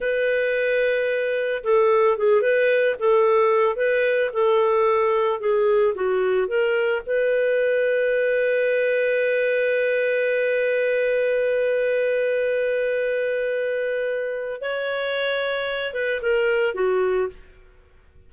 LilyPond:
\new Staff \with { instrumentName = "clarinet" } { \time 4/4 \tempo 4 = 111 b'2. a'4 | gis'8 b'4 a'4. b'4 | a'2 gis'4 fis'4 | ais'4 b'2.~ |
b'1~ | b'1~ | b'2. cis''4~ | cis''4. b'8 ais'4 fis'4 | }